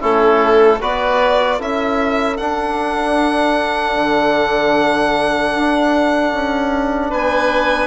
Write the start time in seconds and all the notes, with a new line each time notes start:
0.00 A3 C#4 E4 A4
0.80 B3 F#4 B4 D5
1.58 C#4 E4 A4 E5
2.37 D4 F#5
3.95 D3
5.54 D4
6.32 C#4
7.09 B3 B4 G#5